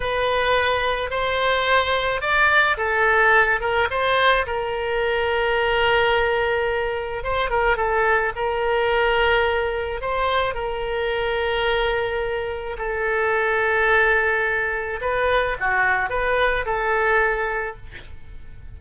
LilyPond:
\new Staff \with { instrumentName = "oboe" } { \time 4/4 \tempo 4 = 108 b'2 c''2 | d''4 a'4. ais'8 c''4 | ais'1~ | ais'4 c''8 ais'8 a'4 ais'4~ |
ais'2 c''4 ais'4~ | ais'2. a'4~ | a'2. b'4 | fis'4 b'4 a'2 | }